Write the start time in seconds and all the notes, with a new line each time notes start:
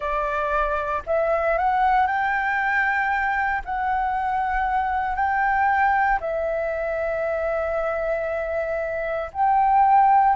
0.00 D5
1.06 E5
1.58 F#5
2.06 G5
3.64 F#5
5.15 G5
6.20 E5
9.32 G5